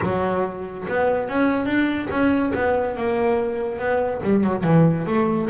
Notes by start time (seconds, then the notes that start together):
0.02 F#3
0.88 B3
1.28 C#4
1.65 D4
2.10 C#4
2.55 B3
2.96 A#3
3.78 B3
4.23 G3
4.43 F#3
4.63 E3
5.06 A3